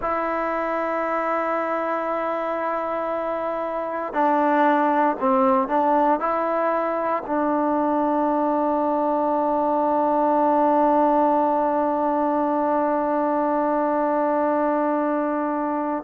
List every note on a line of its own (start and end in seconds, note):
0.01 4.13 E4
4.13 5.16 D4
5.19 5.68 C4
5.68 6.19 D4
6.19 7.23 E4
7.26 16.03 D4